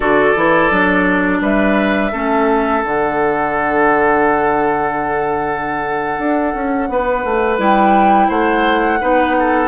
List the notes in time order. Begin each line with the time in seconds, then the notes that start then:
0.00 D3 F#4 A4 D5
0.36 E3 E4
0.70 F#3 D4
1.40 G3 B4 E5
2.11 A3 C#4 A4
2.83 D3 D4 F#5
6.18 D4
6.54 C#4
6.88 B3 B4
7.24 A3
7.58 G3 E4 G5
8.28 A3 C5 F#5
9.01 B3 D#4 B4
9.38 A4